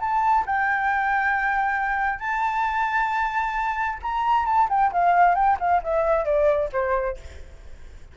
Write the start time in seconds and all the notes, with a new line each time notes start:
0.00 A5
0.46 G5
2.20 A5
4.03 A#5
4.46 A5
4.69 G5
4.93 F5
5.35 G5
5.60 F5
5.83 E5
6.25 D5
6.72 C5